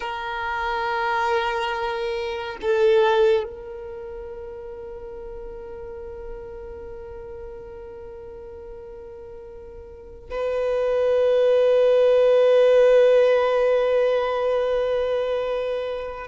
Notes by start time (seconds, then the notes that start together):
0.00 A#4
2.61 A4
3.43 A#4
10.30 B4